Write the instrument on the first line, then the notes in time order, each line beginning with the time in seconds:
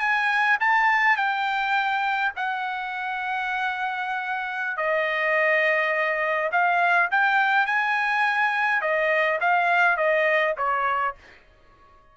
trumpet
0.00 G#5
0.61 A5
1.17 G5
2.36 F#5
4.77 D#5
6.52 F5
7.11 G5
7.66 G#5
8.81 D#5
9.41 F5
9.97 D#5
10.58 C#5